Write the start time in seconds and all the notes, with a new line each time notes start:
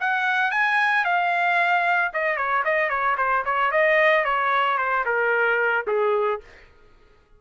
0.00 F#5
0.51 G#5
1.05 F5
2.13 D#5
2.36 C#5
2.65 D#5
2.90 C#5
3.17 C5
3.45 C#5
3.71 D#5
4.25 C#5
4.78 C5
5.06 A#4
5.87 G#4